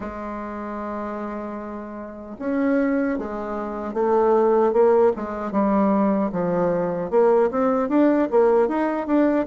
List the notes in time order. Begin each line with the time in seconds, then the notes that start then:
0.00 G#3
2.39 C#4
3.18 G#3
3.93 A3
4.72 A#3
5.15 G#3
5.51 G3
6.32 F3
7.10 A#3
7.50 C4
7.88 D4
8.30 A#3
8.68 D#4
9.06 D4